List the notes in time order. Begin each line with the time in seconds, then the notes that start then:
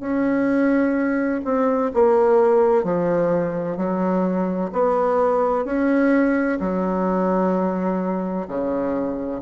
0.00 C#4
1.44 C4
1.93 A#3
2.83 F3
3.77 F#3
4.72 B3
5.65 C#4
6.59 F#3
8.47 C#3